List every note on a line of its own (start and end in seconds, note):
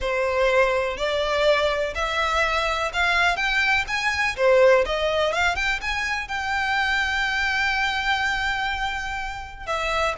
0.00 0.97 C5
0.97 1.94 D5
1.95 2.91 E5
2.93 3.36 F5
3.36 3.84 G5
3.87 4.36 G#5
4.36 4.85 C5
4.85 5.32 D#5
5.32 5.55 F5
5.55 5.80 G5
5.81 6.27 G#5
6.27 9.66 G5
9.66 10.14 E5